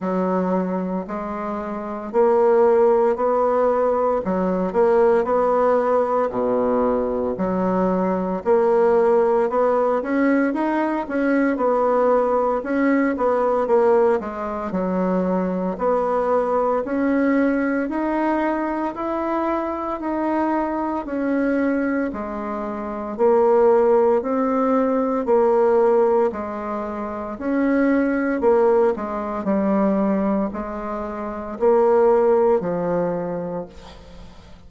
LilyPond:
\new Staff \with { instrumentName = "bassoon" } { \time 4/4 \tempo 4 = 57 fis4 gis4 ais4 b4 | fis8 ais8 b4 b,4 fis4 | ais4 b8 cis'8 dis'8 cis'8 b4 | cis'8 b8 ais8 gis8 fis4 b4 |
cis'4 dis'4 e'4 dis'4 | cis'4 gis4 ais4 c'4 | ais4 gis4 cis'4 ais8 gis8 | g4 gis4 ais4 f4 | }